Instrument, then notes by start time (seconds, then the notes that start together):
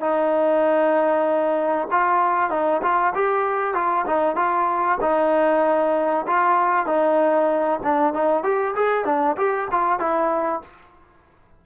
trombone
0.00 D#4
1.91 F4
2.50 D#4
2.82 F4
3.14 G4
3.74 F4
4.06 D#4
4.35 F4
5.01 D#4
6.26 F4
6.86 D#4
7.82 D4
8.13 D#4
8.43 G4
8.75 G#4
9.05 D4
9.37 G4
9.71 F4
9.99 E4